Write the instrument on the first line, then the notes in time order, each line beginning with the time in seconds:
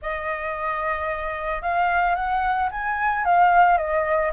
flute
0.01 D#5
1.61 F5
2.15 F#5
2.71 G#5
3.24 F5
3.77 D#5